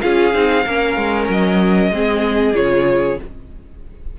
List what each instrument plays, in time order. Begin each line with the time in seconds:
0.00 cello C#4, viola F4, violin G#4 F5
0.33 cello C4, viola D#4
0.65 cello A#3, viola C#4, violin A#4
0.96 cello G#3
1.29 cello F#3, violin D#5
1.90 cello G#3, viola C4, violin G#4
2.53 cello C#3, viola F4, violin C#5